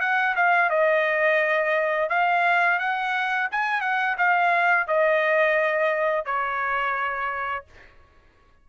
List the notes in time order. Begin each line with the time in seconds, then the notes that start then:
0.00 F#5
0.36 F5
0.70 D#5
2.09 F5
2.79 F#5
3.51 G#5
3.81 F#5
4.17 F5
4.87 D#5
6.25 C#5